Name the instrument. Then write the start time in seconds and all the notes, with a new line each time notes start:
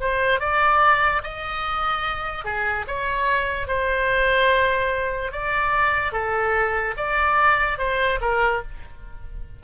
oboe
0.00 C5
0.40 D5
1.24 D#5
2.44 G#4
2.87 C#5
3.68 C5
5.32 D5
6.12 A4
6.97 D5
7.78 C5
8.21 A#4